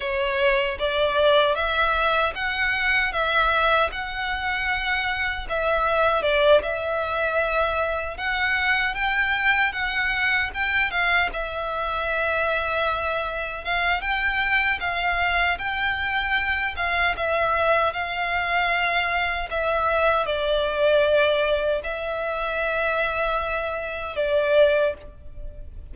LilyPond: \new Staff \with { instrumentName = "violin" } { \time 4/4 \tempo 4 = 77 cis''4 d''4 e''4 fis''4 | e''4 fis''2 e''4 | d''8 e''2 fis''4 g''8~ | g''8 fis''4 g''8 f''8 e''4.~ |
e''4. f''8 g''4 f''4 | g''4. f''8 e''4 f''4~ | f''4 e''4 d''2 | e''2. d''4 | }